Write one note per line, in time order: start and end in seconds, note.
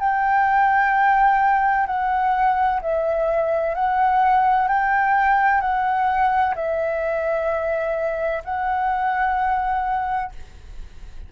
0.00 1.87 G5
1.87 2.81 F#5
2.82 3.75 E5
3.75 4.68 F#5
4.68 5.61 G5
5.61 6.55 F#5
6.56 8.43 E5
8.45 10.33 F#5